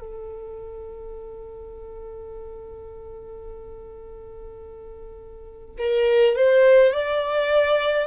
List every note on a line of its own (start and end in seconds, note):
0.00 5.77 A4
5.78 6.36 A#4
6.36 6.93 C5
6.93 8.07 D5